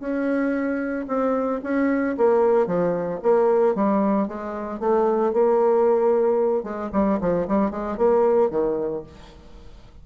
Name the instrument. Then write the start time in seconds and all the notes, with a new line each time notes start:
bassoon
0.00 C#4
1.08 C4
1.64 C#4
2.18 A#3
2.67 F3
3.23 A#3
3.75 G3
4.28 G#3
4.80 A3
5.33 A#3
6.64 G#3
6.93 G3
7.21 F3
7.48 G3
7.71 G#3
7.98 A#3
8.51 D#3